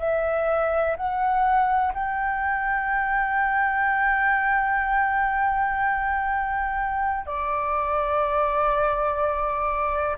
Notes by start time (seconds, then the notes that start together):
0.00 E5
0.97 F#5
1.94 G5
7.27 D5